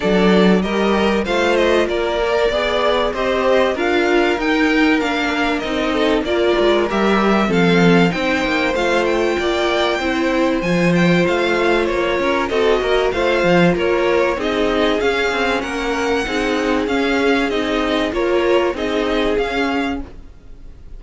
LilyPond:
<<
  \new Staff \with { instrumentName = "violin" } { \time 4/4 \tempo 4 = 96 d''4 dis''4 f''8 dis''8 d''4~ | d''4 dis''4 f''4 g''4 | f''4 dis''4 d''4 e''4 | f''4 g''4 f''8 g''4.~ |
g''4 gis''8 g''8 f''4 cis''4 | dis''4 f''4 cis''4 dis''4 | f''4 fis''2 f''4 | dis''4 cis''4 dis''4 f''4 | }
  \new Staff \with { instrumentName = "violin" } { \time 4/4 a'4 ais'4 c''4 ais'4 | d''4 c''4 ais'2~ | ais'4. a'8 ais'2 | a'4 c''2 d''4 |
c''2.~ c''8 ais'8 | a'8 ais'8 c''4 ais'4 gis'4~ | gis'4 ais'4 gis'2~ | gis'4 ais'4 gis'2 | }
  \new Staff \with { instrumentName = "viola" } { \time 4/4 d'4 g'4 f'4. ais'8 | gis'4 g'4 f'4 dis'4 | d'4 dis'4 f'4 g'4 | c'4 dis'4 f'2 |
e'4 f'2. | fis'4 f'2 dis'4 | cis'2 dis'4 cis'4 | dis'4 f'4 dis'4 cis'4 | }
  \new Staff \with { instrumentName = "cello" } { \time 4/4 fis4 g4 a4 ais4 | b4 c'4 d'4 dis'4 | ais4 c'4 ais8 gis8 g4 | f4 c'8 ais8 a4 ais4 |
c'4 f4 a4 ais8 cis'8 | c'8 ais8 a8 f8 ais4 c'4 | cis'8 c'8 ais4 c'4 cis'4 | c'4 ais4 c'4 cis'4 | }
>>